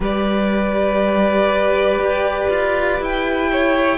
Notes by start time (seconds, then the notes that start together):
0.00 G3 G4 B4 D5
1.98 G4
2.50 F4
3.00 E4 G5
3.51 C#5